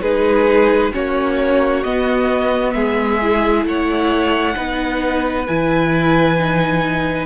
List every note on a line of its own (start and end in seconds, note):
0.00 0.91 G#3
0.00 0.92 D#4
0.00 0.92 G#4
0.00 0.92 B4
0.92 1.84 A#3
0.92 1.83 C#4
0.92 2.74 F#4
0.92 1.83 C#5
1.83 3.21 B3
1.83 2.73 B3
1.83 2.72 D#5
2.72 3.64 G#3
2.72 3.66 G#4
2.72 3.63 E5
3.21 4.55 E4
3.64 4.55 A3
3.64 4.55 C#5
3.64 5.47 F#5
4.55 5.47 B3
4.55 5.45 D#4
4.55 7.26 B4
5.47 7.26 E3
5.47 6.38 E4
5.47 7.26 G#5
6.38 7.26 D#4